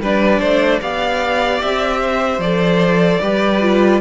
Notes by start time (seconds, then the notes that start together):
0.00 G3 D4 B4 D5
0.39 A3 C5
0.81 B3 G4 D5 F5
1.62 C4 E5
2.01 C5
2.38 F3 A4 D5
3.21 G3 G4 B4
3.61 F4